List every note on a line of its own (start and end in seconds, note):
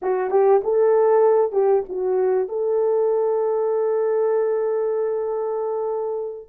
0.02 0.30 F#4
0.30 0.61 G4
0.63 1.52 A4
1.52 1.82 G4
1.88 2.48 F#4
2.48 6.48 A4